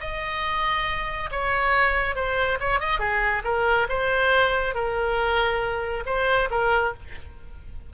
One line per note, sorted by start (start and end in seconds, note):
0.00 1.29 D#5
1.31 2.15 C#5
2.15 2.59 C5
2.60 2.80 C#5
2.80 2.99 D#5
2.99 3.43 G#4
3.44 3.87 A#4
3.89 4.74 C5
4.74 6.04 A#4
6.06 6.49 C5
6.50 6.94 A#4